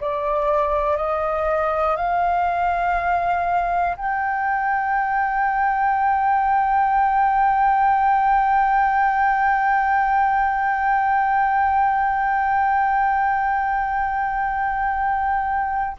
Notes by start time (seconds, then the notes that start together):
0.00 D5
0.96 D#5
1.96 F5
3.97 G5